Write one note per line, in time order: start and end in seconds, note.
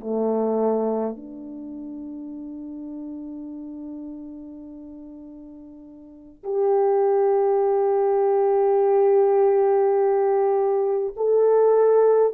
0.00 1.16 A3
1.16 6.43 D4
6.43 11.14 G4
11.16 12.33 A4